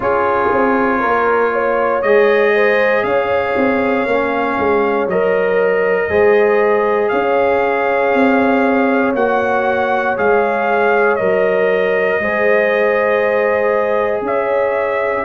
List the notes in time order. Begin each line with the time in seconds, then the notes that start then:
0.00 C#4 F4 G#4 C#5
0.52 C4
0.99 A#3 A#4
1.52 C#5
2.02 G#3 G#4 D#5
2.54 C5
3.03 C#4 C#5 F5
3.57 C4
4.06 A#3 C#4
4.58 G#3
5.07 F#3 A#4 D#5
6.09 G#3 G#4 C5
7.08 C#4 C#5 F5
8.14 C4
9.14 A#3 F#4 F#5
10.16 G#3 G#4 F5
11.15 F#3 A#4 D#5
12.19 G#3 G#4 C5
14.21 C#4 C#5 E5